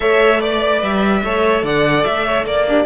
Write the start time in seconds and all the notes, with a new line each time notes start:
0.00 A3 A4 C#5 E5
0.38 B4 D5
0.82 G3 E5
1.23 A3 A4 C#5
1.63 D3 D5 F#5
2.03 A3 E5
2.25 C#5
2.44 A#3 D5
2.67 D4 G4